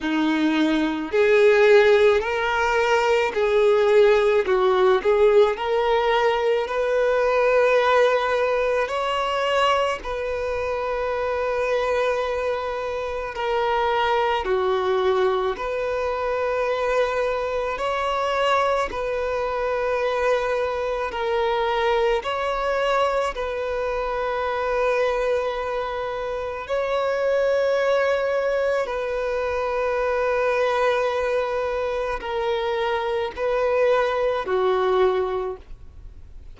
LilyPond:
\new Staff \with { instrumentName = "violin" } { \time 4/4 \tempo 4 = 54 dis'4 gis'4 ais'4 gis'4 | fis'8 gis'8 ais'4 b'2 | cis''4 b'2. | ais'4 fis'4 b'2 |
cis''4 b'2 ais'4 | cis''4 b'2. | cis''2 b'2~ | b'4 ais'4 b'4 fis'4 | }